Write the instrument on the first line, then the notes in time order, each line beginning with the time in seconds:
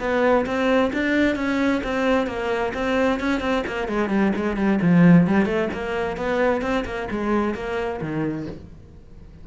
cello
0.00 B3
0.46 C4
0.93 D4
1.36 C#4
1.84 C4
2.27 A#3
2.74 C4
3.20 C#4
3.40 C4
3.67 A#3
3.88 G#3
4.10 G3
4.36 G#3
4.57 G3
4.82 F3
5.27 G3
5.46 A3
5.73 A#3
6.17 B3
6.62 C4
6.86 A#3
7.11 G#3
7.55 A#3
8.01 D#3